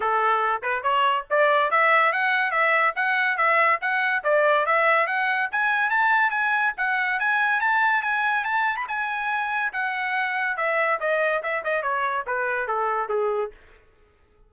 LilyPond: \new Staff \with { instrumentName = "trumpet" } { \time 4/4 \tempo 4 = 142 a'4. b'8 cis''4 d''4 | e''4 fis''4 e''4 fis''4 | e''4 fis''4 d''4 e''4 | fis''4 gis''4 a''4 gis''4 |
fis''4 gis''4 a''4 gis''4 | a''8. b''16 gis''2 fis''4~ | fis''4 e''4 dis''4 e''8 dis''8 | cis''4 b'4 a'4 gis'4 | }